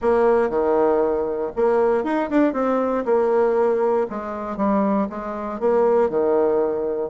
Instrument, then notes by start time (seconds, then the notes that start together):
bassoon
0.01 A#3
0.49 D#3
1.56 A#3
2.04 D#4
2.30 D4
2.53 C4
3.05 A#3
4.09 G#3
4.56 G3
5.09 G#3
5.59 A#3
6.09 D#3